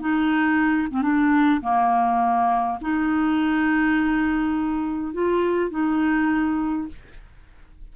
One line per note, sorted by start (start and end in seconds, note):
0.00 0.88 D#4
0.90 1.02 C4
1.02 1.61 D4
1.61 2.79 A#3
2.81 5.13 D#4
5.13 5.71 F4
5.71 6.88 D#4